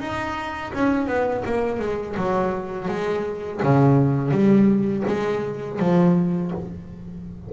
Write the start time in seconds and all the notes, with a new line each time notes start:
0.00 D#4
0.74 C#4
1.07 B3
1.46 A#3
1.79 G#3
2.17 F#3
2.88 G#3
3.63 C#3
4.31 G3
5.08 G#3
5.80 F3